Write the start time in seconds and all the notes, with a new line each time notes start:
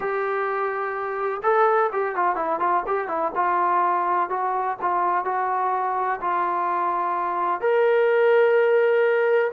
0.00 G4
1.43 A4
1.92 G4
2.15 F4
2.35 E4
2.59 F4
2.86 G4
3.07 E4
3.35 F4
4.29 F#4
4.81 F4
5.24 F#4
6.21 F4
7.60 A#4